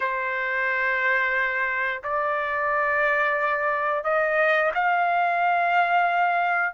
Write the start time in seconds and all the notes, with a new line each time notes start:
0.00 C5
2.03 D5
4.04 D#5
4.74 F5